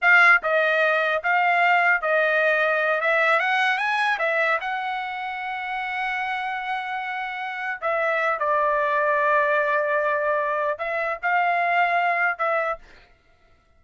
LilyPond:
\new Staff \with { instrumentName = "trumpet" } { \time 4/4 \tempo 4 = 150 f''4 dis''2 f''4~ | f''4 dis''2~ dis''8 e''8~ | e''8 fis''4 gis''4 e''4 fis''8~ | fis''1~ |
fis''2.~ fis''8 e''8~ | e''4 d''2.~ | d''2. e''4 | f''2. e''4 | }